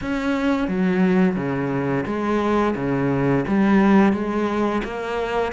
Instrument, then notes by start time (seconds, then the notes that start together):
cello
0.01 C#4
0.68 F#3
1.36 C#3
2.06 G#3
2.75 C#3
3.47 G3
4.13 G#3
4.83 A#3